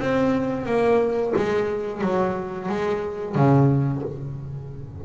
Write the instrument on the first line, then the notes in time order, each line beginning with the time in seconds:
double bass
0.00 C4
0.66 A#3
1.37 G#3
2.02 F#3
2.69 G#3
3.36 C#3